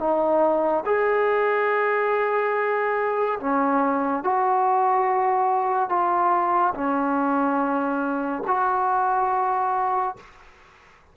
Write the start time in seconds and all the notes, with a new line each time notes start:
0.00 D#4
0.86 G#4
3.40 C#4
4.24 F#4
5.89 F4
6.75 C#4
8.47 F#4